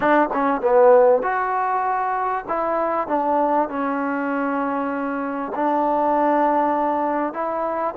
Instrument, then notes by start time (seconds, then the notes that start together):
trombone
0.00 D4
0.33 C#4
0.61 B3
1.22 F#4
2.47 E4
3.08 D4
3.68 C#4
5.55 D4
7.33 E4